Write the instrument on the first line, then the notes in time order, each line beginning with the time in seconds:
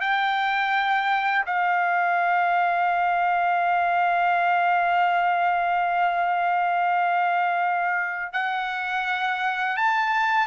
trumpet
0.00 G5
1.46 F5
8.32 F#5
9.76 A5